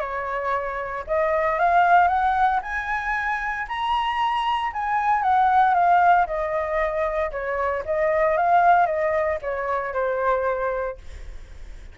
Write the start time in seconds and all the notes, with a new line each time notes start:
0.00 C#5
1.07 D#5
1.59 F5
2.08 F#5
2.62 G#5
3.68 A#5
4.73 G#5
5.23 F#5
5.74 F5
6.27 D#5
7.32 C#5
7.85 D#5
8.37 F5
8.86 D#5
9.42 C#5
9.94 C5